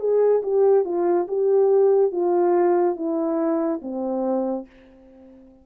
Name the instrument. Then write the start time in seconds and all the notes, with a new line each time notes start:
horn
0.00 G#4
0.43 G4
0.85 F4
1.28 G4
2.12 F4
2.96 E4
3.82 C4